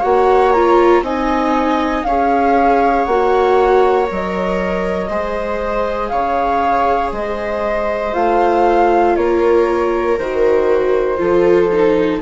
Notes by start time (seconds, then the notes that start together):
0.00 A#3 F#4 C#5 F#5
0.53 F4 A#5
1.02 C4 D#4 D#5 G#5
2.04 C#4 G#4 C#5 F5
3.05 A#3 F#4 F#5
4.07 F#3 A#4
4.14 D#5
5.09 G#3 G#4 C5
6.08 C#3 C#5 F5
7.12 G#3 C5 D#5
8.13 A3 F4 F5
9.16 A#3 A#4 C#5
10.18 D#3 F#4 C5
11.18 F3 F4 A4
11.73 D#4